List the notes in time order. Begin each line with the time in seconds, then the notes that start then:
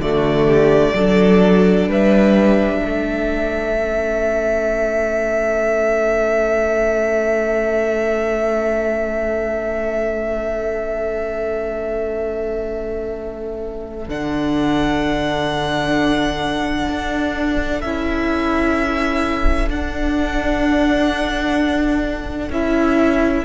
0.00 D3 A3 F#4 D5
0.47 G4
0.94 F#3 D4 A4
1.88 G3 B4 E5
2.81 A3 A4
3.77 C#4
14.08 D3 D4 F#5
16.89 D4
17.81 C#4 E4 E5
19.68 D4 F#5
22.50 C#4 E4 E5